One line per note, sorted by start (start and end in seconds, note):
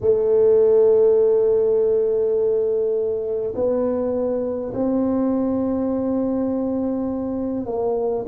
0.00 3.53 A3
3.55 4.73 B3
4.73 7.65 C4
7.65 8.24 A#3